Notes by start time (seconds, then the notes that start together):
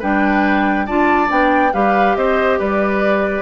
0.00 G3 D4 B4 G5
0.87 D4 F4 D5 A5
1.28 B3 D4 G5
1.74 G3 G4 B4 F5
2.16 C4 C5 D#5
2.60 G3 B4 D5